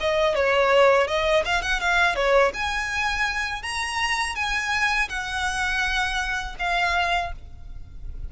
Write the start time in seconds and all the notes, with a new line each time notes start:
0.00 D#5
0.35 C#5
1.07 D#5
1.45 F5
1.62 F#5
1.80 F5
2.16 C#5
2.53 G#5
3.63 A#5
4.35 G#5
5.09 F#5
6.59 F5